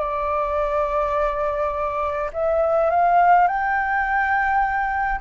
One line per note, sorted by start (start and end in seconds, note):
0.00 2.31 D5
2.33 2.90 E5
2.90 3.48 F5
3.48 5.21 G5